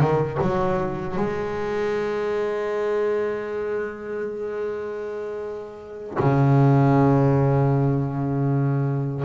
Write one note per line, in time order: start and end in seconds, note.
0.00 0.38 D#3
0.42 1.17 F#3
1.17 6.17 G#3
6.20 9.25 C#3